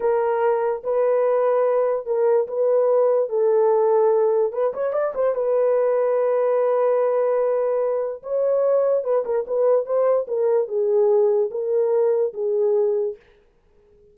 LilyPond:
\new Staff \with { instrumentName = "horn" } { \time 4/4 \tempo 4 = 146 ais'2 b'2~ | b'4 ais'4 b'2 | a'2. b'8 cis''8 | d''8 c''8 b'2.~ |
b'1 | cis''2 b'8 ais'8 b'4 | c''4 ais'4 gis'2 | ais'2 gis'2 | }